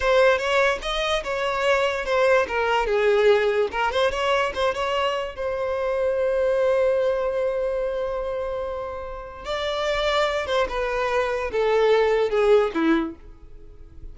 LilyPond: \new Staff \with { instrumentName = "violin" } { \time 4/4 \tempo 4 = 146 c''4 cis''4 dis''4 cis''4~ | cis''4 c''4 ais'4 gis'4~ | gis'4 ais'8 c''8 cis''4 c''8 cis''8~ | cis''4 c''2.~ |
c''1~ | c''2. d''4~ | d''4. c''8 b'2 | a'2 gis'4 e'4 | }